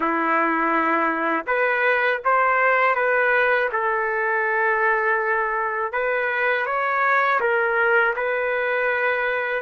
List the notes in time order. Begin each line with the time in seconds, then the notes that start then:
0.00 E4
1.46 B4
2.25 C5
2.95 B4
3.72 A4
5.92 B4
6.66 C#5
7.40 A#4
8.15 B4